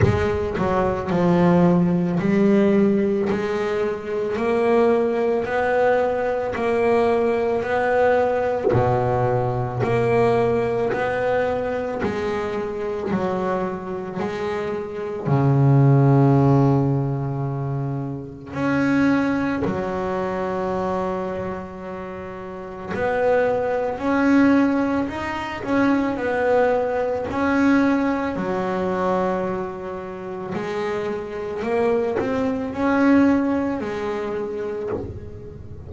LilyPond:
\new Staff \with { instrumentName = "double bass" } { \time 4/4 \tempo 4 = 55 gis8 fis8 f4 g4 gis4 | ais4 b4 ais4 b4 | b,4 ais4 b4 gis4 | fis4 gis4 cis2~ |
cis4 cis'4 fis2~ | fis4 b4 cis'4 dis'8 cis'8 | b4 cis'4 fis2 | gis4 ais8 c'8 cis'4 gis4 | }